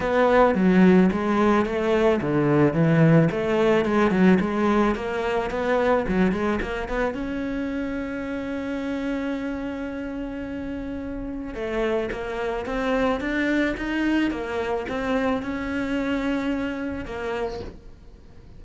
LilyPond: \new Staff \with { instrumentName = "cello" } { \time 4/4 \tempo 4 = 109 b4 fis4 gis4 a4 | d4 e4 a4 gis8 fis8 | gis4 ais4 b4 fis8 gis8 | ais8 b8 cis'2.~ |
cis'1~ | cis'4 a4 ais4 c'4 | d'4 dis'4 ais4 c'4 | cis'2. ais4 | }